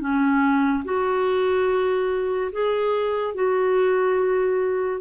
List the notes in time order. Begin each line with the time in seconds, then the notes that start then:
0.00 C#4
0.84 F#4
2.52 G#4
3.34 F#4